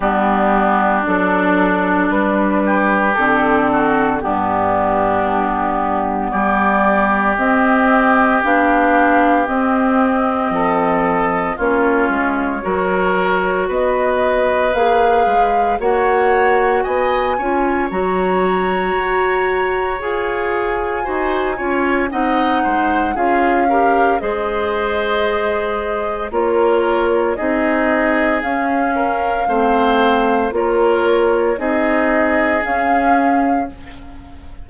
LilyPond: <<
  \new Staff \with { instrumentName = "flute" } { \time 4/4 \tempo 4 = 57 g'4 a'4 b'4 a'4 | g'2 d''4 dis''4 | f''4 dis''2 cis''4~ | cis''4 dis''4 f''4 fis''4 |
gis''4 ais''2 gis''4~ | gis''4 fis''4 f''4 dis''4~ | dis''4 cis''4 dis''4 f''4~ | f''4 cis''4 dis''4 f''4 | }
  \new Staff \with { instrumentName = "oboe" } { \time 4/4 d'2~ d'8 g'4 fis'8 | d'2 g'2~ | g'2 a'4 f'4 | ais'4 b'2 cis''4 |
dis''8 cis''2.~ cis''8 | c''8 cis''8 dis''8 c''8 gis'8 ais'8 c''4~ | c''4 ais'4 gis'4. ais'8 | c''4 ais'4 gis'2 | }
  \new Staff \with { instrumentName = "clarinet" } { \time 4/4 b4 d'2 c'4 | b2. c'4 | d'4 c'2 cis'4 | fis'2 gis'4 fis'4~ |
fis'8 f'8 fis'2 gis'4 | fis'8 f'8 dis'4 f'8 g'8 gis'4~ | gis'4 f'4 dis'4 cis'4 | c'4 f'4 dis'4 cis'4 | }
  \new Staff \with { instrumentName = "bassoon" } { \time 4/4 g4 fis4 g4 d4 | g,2 g4 c'4 | b4 c'4 f4 ais8 gis8 | fis4 b4 ais8 gis8 ais4 |
b8 cis'8 fis4 fis'4 f'4 | dis'8 cis'8 c'8 gis8 cis'4 gis4~ | gis4 ais4 c'4 cis'4 | a4 ais4 c'4 cis'4 | }
>>